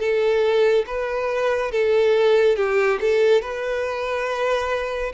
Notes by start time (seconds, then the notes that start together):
0.00 A4
0.87 B4
1.72 A4
2.57 G4
3.01 A4
3.42 B4